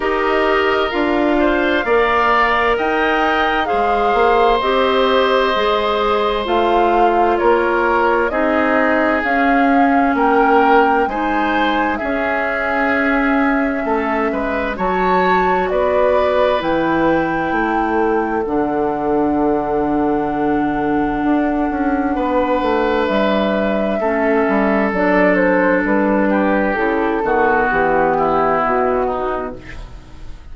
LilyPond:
<<
  \new Staff \with { instrumentName = "flute" } { \time 4/4 \tempo 4 = 65 dis''4 f''2 g''4 | f''4 dis''2 f''4 | cis''4 dis''4 f''4 g''4 | gis''4 e''2. |
a''4 d''4 g''2 | fis''1~ | fis''4 e''2 d''8 c''8 | b'4 a'4 g'4 fis'4 | }
  \new Staff \with { instrumentName = "oboe" } { \time 4/4 ais'4. c''8 d''4 dis''4 | c''1 | ais'4 gis'2 ais'4 | c''4 gis'2 a'8 b'8 |
cis''4 b'2 a'4~ | a'1 | b'2 a'2~ | a'8 g'4 fis'4 e'4 dis'8 | }
  \new Staff \with { instrumentName = "clarinet" } { \time 4/4 g'4 f'4 ais'2 | gis'4 g'4 gis'4 f'4~ | f'4 dis'4 cis'2 | dis'4 cis'2. |
fis'2 e'2 | d'1~ | d'2 cis'4 d'4~ | d'4 e'8 b2~ b8 | }
  \new Staff \with { instrumentName = "bassoon" } { \time 4/4 dis'4 d'4 ais4 dis'4 | gis8 ais8 c'4 gis4 a4 | ais4 c'4 cis'4 ais4 | gis4 cis'2 a8 gis8 |
fis4 b4 e4 a4 | d2. d'8 cis'8 | b8 a8 g4 a8 g8 fis4 | g4 cis8 dis8 e4 b,4 | }
>>